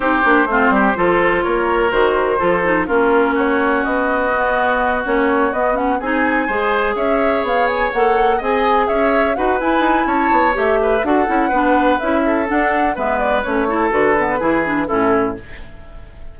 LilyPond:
<<
  \new Staff \with { instrumentName = "flute" } { \time 4/4 \tempo 4 = 125 c''2. cis''4 | c''2 ais'4 cis''4 | dis''2~ dis''8 cis''4 dis''8 | fis''8 gis''2 e''4 f''8 |
gis''8 fis''4 gis''4 e''4 fis''8 | gis''4 a''4 e''4 fis''4~ | fis''4 e''4 fis''4 e''8 d''8 | cis''4 b'2 a'4 | }
  \new Staff \with { instrumentName = "oboe" } { \time 4/4 g'4 f'8 g'8 a'4 ais'4~ | ais'4 a'4 f'4 fis'4~ | fis'1~ | fis'8 gis'4 c''4 cis''4.~ |
cis''4. dis''4 cis''4 b'8~ | b'4 cis''4. b'8 a'4 | b'4. a'4. b'4~ | b'8 a'4. gis'4 e'4 | }
  \new Staff \with { instrumentName = "clarinet" } { \time 4/4 dis'8 d'8 c'4 f'2 | fis'4 f'8 dis'8 cis'2~ | cis'4 b4. cis'4 b8 | cis'8 dis'4 gis'2~ gis'8~ |
gis'8 a'4 gis'2 fis'8 | e'2 g'4 fis'8 e'8 | d'4 e'4 d'4 b4 | cis'8 e'8 fis'8 b8 e'8 d'8 cis'4 | }
  \new Staff \with { instrumentName = "bassoon" } { \time 4/4 c'8 ais8 a8 g8 f4 ais4 | dis4 f4 ais2 | b2~ b8 ais4 b8~ | b8 c'4 gis4 cis'4 b8~ |
b8 ais4 c'4 cis'4 dis'8 | e'8 dis'8 cis'8 b8 a4 d'8 cis'8 | b4 cis'4 d'4 gis4 | a4 d4 e4 a,4 | }
>>